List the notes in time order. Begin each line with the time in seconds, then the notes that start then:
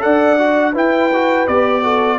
0.00 D4 A4 D5 F#5
0.39 F#4
0.73 E4 B4 G5
1.14 F#4
1.48 B3 G4 D5
1.83 F#4 A4